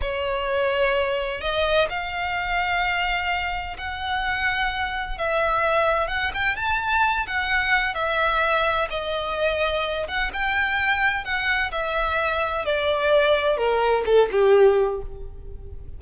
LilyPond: \new Staff \with { instrumentName = "violin" } { \time 4/4 \tempo 4 = 128 cis''2. dis''4 | f''1 | fis''2. e''4~ | e''4 fis''8 g''8 a''4. fis''8~ |
fis''4 e''2 dis''4~ | dis''4. fis''8 g''2 | fis''4 e''2 d''4~ | d''4 ais'4 a'8 g'4. | }